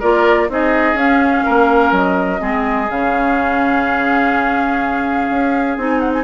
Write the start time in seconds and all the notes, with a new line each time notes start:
0.00 A#3 F4 A#4 D5
0.49 C4 D#4 G#4 D#5
0.94 C#4 F5
1.45 A#3 A#4
1.92 F#3 D#5
2.39 G#3 C4 G#4
2.90 C#3 C#4 F5
5.30 C#4
5.77 C4 D#4 G#5
5.99 F#5
6.13 G#5